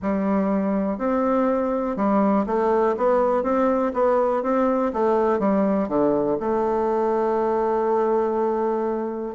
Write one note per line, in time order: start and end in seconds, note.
0.01 0.98 G3
0.98 1.96 C4
1.96 2.45 G3
2.46 2.95 A3
2.97 3.43 B3
3.43 3.92 C4
3.93 4.42 B3
4.42 4.92 C4
4.93 5.39 A3
5.39 5.88 G3
5.88 6.37 D3
6.39 9.34 A3